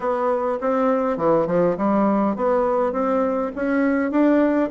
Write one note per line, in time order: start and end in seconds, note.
0.00 0.59 B3
0.60 1.17 C4
1.17 1.46 E3
1.47 1.76 F3
1.77 2.36 G3
2.36 2.92 B3
2.92 3.51 C4
3.55 4.11 C#4
4.11 4.70 D4